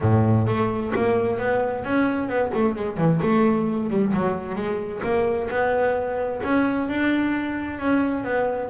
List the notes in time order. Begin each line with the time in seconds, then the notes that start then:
0.00 A2
0.47 A3
0.95 A#3
1.38 B3
1.84 C#4
2.28 B3
2.53 A3
2.75 G#3
2.97 E3
3.22 A3
3.89 G3
4.13 F#3
4.55 G#3
5.03 A#3
5.50 B3
6.43 C#4
6.88 D4
7.79 C#4
8.24 B3